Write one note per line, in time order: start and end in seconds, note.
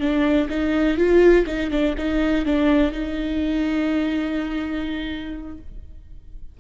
0.00 0.48 D4
0.50 0.98 D#4
0.98 1.46 F4
1.47 1.71 D#4
1.71 1.95 D4
1.98 2.46 D#4
2.46 2.92 D4
2.92 5.58 D#4